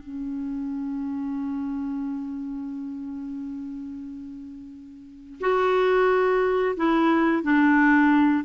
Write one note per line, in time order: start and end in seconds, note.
0.00 5.39 C#4
5.41 6.75 F#4
6.77 7.43 E4
7.43 8.44 D4